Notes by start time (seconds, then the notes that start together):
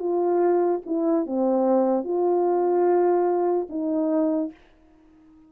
0.00 F4
0.86 E4
1.27 C4
2.05 F4
3.70 D#4